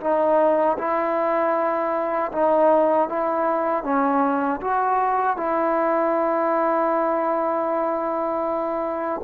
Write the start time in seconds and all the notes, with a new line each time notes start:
0.00 D#4
0.78 E4
2.31 D#4
3.08 E4
3.83 C#4
4.60 F#4
5.36 E4